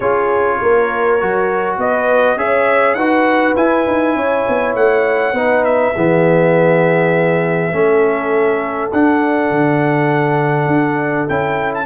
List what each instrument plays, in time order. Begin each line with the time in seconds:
0.00 tuba C#4, trombone F4, horn G#4, trumpet C#5
0.62 tuba A#3, horn A#4
1.19 tuba F#3, trombone F#4
1.77 tuba B3, horn B4, trumpet D#5
2.36 tuba C#4, trombone G#4, horn C#5, trumpet E5
2.94 tuba D#4, trombone F#4, horn B4, trumpet F#5
3.56 trombone E4, tuba E4, trumpet G#5
3.86 tuba D#4
4.15 tuba C#4, horn C#5
4.48 tuba B3
4.75 tuba A3, trumpet F#5
5.32 tuba B3, trombone D#4, horn B4
5.64 trumpet E5
5.94 tuba E3, trombone B3, horn G#4
7.72 tuba A3, trombone C#4, horn A4
8.92 tuba D4, trombone D4, trumpet F#5
9.50 tuba D3
10.66 tuba D4
11.28 tuba C#4, trombone E4, trumpet G5
11.74 trumpet A5